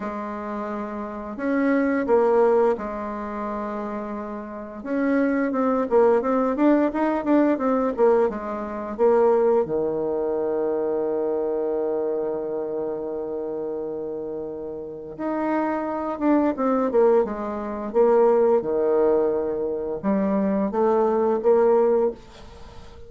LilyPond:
\new Staff \with { instrumentName = "bassoon" } { \time 4/4 \tempo 4 = 87 gis2 cis'4 ais4 | gis2. cis'4 | c'8 ais8 c'8 d'8 dis'8 d'8 c'8 ais8 | gis4 ais4 dis2~ |
dis1~ | dis2 dis'4. d'8 | c'8 ais8 gis4 ais4 dis4~ | dis4 g4 a4 ais4 | }